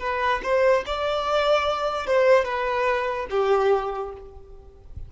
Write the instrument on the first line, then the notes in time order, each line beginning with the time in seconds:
violin
0.00 B4
0.43 C5
0.87 D5
2.07 C5
2.45 B4
3.30 G4